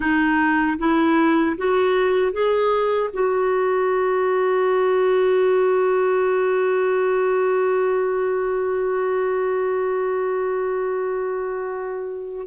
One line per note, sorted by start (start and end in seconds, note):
0.00 0.78 D#4
0.78 1.56 E4
1.57 2.32 F#4
2.32 3.10 G#4
3.13 12.47 F#4